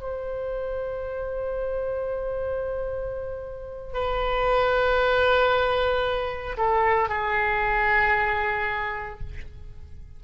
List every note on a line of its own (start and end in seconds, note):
0.00 3.93 C5
3.93 6.56 B4
6.57 7.09 A4
7.09 9.19 G#4